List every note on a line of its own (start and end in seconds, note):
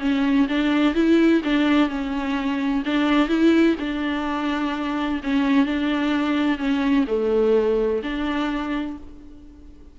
0.00 0.47 C#4
0.49 0.95 D4
0.95 1.42 E4
1.45 1.89 D4
1.89 2.83 C#4
2.86 3.29 D4
3.29 3.76 E4
3.80 5.21 D4
5.24 5.66 C#4
5.66 6.58 D4
6.58 7.05 C#4
7.08 8.02 A3
8.03 8.97 D4